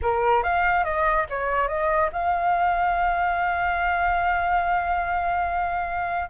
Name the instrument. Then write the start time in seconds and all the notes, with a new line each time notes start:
flute
0.02 A#4
0.43 F5
0.84 D#5
1.29 C#5
1.68 D#5
2.12 F5